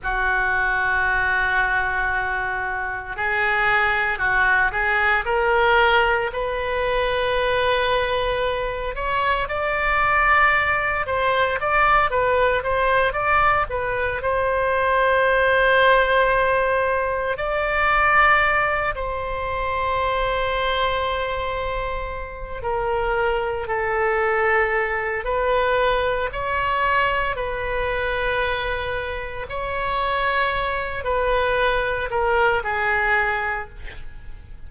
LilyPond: \new Staff \with { instrumentName = "oboe" } { \time 4/4 \tempo 4 = 57 fis'2. gis'4 | fis'8 gis'8 ais'4 b'2~ | b'8 cis''8 d''4. c''8 d''8 b'8 | c''8 d''8 b'8 c''2~ c''8~ |
c''8 d''4. c''2~ | c''4. ais'4 a'4. | b'4 cis''4 b'2 | cis''4. b'4 ais'8 gis'4 | }